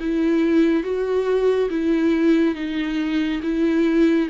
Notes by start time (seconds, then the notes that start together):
0.00 E4
0.84 F#4
1.70 E4
2.55 D#4
3.43 E4